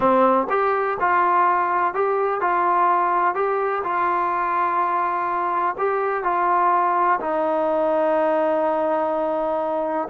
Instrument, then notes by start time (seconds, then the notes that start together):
trombone
0.00 C4
0.49 G4
1.00 F4
1.93 G4
2.40 F4
3.34 G4
3.83 F4
5.78 G4
6.23 F4
7.20 D#4